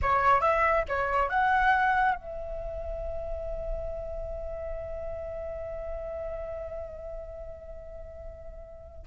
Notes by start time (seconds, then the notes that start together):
0.02 C#5
0.41 E5
0.88 C#5
1.29 F#5
2.15 E5